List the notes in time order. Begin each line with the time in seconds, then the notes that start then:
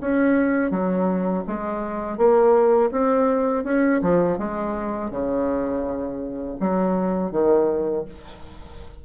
0.00 C#4
0.70 F#3
1.47 G#3
2.17 A#3
2.91 C4
3.64 C#4
4.01 F3
4.38 G#3
5.11 C#3
6.60 F#3
7.31 D#3